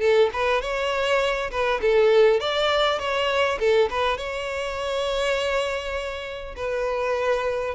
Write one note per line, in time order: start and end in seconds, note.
0.00 0.30 A4
0.33 0.61 B4
0.61 1.50 C#5
1.51 1.80 B4
1.81 2.40 A4
2.40 2.99 D5
2.99 3.59 C#5
3.59 3.89 A4
3.90 4.17 B4
4.17 6.55 C#5
6.56 7.75 B4